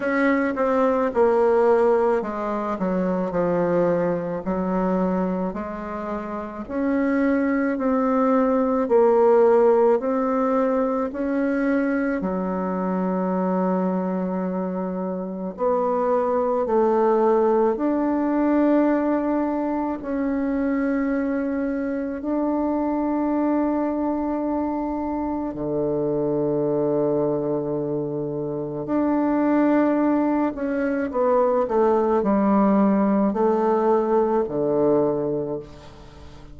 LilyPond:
\new Staff \with { instrumentName = "bassoon" } { \time 4/4 \tempo 4 = 54 cis'8 c'8 ais4 gis8 fis8 f4 | fis4 gis4 cis'4 c'4 | ais4 c'4 cis'4 fis4~ | fis2 b4 a4 |
d'2 cis'2 | d'2. d4~ | d2 d'4. cis'8 | b8 a8 g4 a4 d4 | }